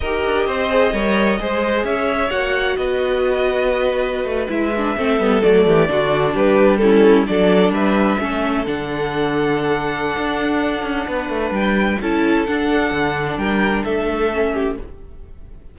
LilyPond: <<
  \new Staff \with { instrumentName = "violin" } { \time 4/4 \tempo 4 = 130 dis''1 | e''4 fis''4 dis''2~ | dis''4.~ dis''16 e''2 d''16~ | d''4.~ d''16 b'4 a'4 d''16~ |
d''8. e''2 fis''4~ fis''16~ | fis''1~ | fis''4 g''4 a''4 fis''4~ | fis''4 g''4 e''2 | }
  \new Staff \with { instrumentName = "violin" } { \time 4/4 ais'4 c''4 cis''4 c''4 | cis''2 b'2~ | b'2~ b'8. a'4~ a'16~ | a'16 g'8 fis'4 g'4 e'4 a'16~ |
a'8. b'4 a'2~ a'16~ | a'1 | b'2 a'2~ | a'4 ais'4 a'4. g'8 | }
  \new Staff \with { instrumentName = "viola" } { \time 4/4 g'4. gis'8 ais'4 gis'4~ | gis'4 fis'2.~ | fis'4.~ fis'16 e'8 d'8 c'8 b8 a16~ | a8. d'2 cis'4 d'16~ |
d'4.~ d'16 cis'4 d'4~ d'16~ | d'1~ | d'2 e'4 d'4~ | d'2. cis'4 | }
  \new Staff \with { instrumentName = "cello" } { \time 4/4 dis'8 d'8 c'4 g4 gis4 | cis'4 ais4 b2~ | b4~ b16 a8 gis4 a8 g8 fis16~ | fis16 e8 d4 g2 fis16~ |
fis8. g4 a4 d4~ d16~ | d2 d'4. cis'8 | b8 a8 g4 cis'4 d'4 | d4 g4 a2 | }
>>